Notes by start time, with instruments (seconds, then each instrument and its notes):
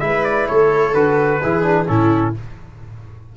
0.00 tuba G#3, trombone E4, viola B4, trumpet E5
0.24 trumpet D5
0.48 tuba A3, viola A4, trumpet C#5
0.94 tuba D3, trombone F#4, trumpet B4
1.42 tuba E3, trombone E4, viola G#4
1.63 trombone D4
1.87 tuba A2, trombone C#4, viola E4, trumpet A4